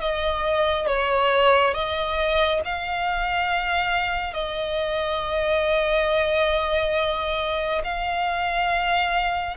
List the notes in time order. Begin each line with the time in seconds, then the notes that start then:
0.00 D#5
0.87 C#5
1.74 D#5
2.65 F5
4.34 D#5
7.84 F5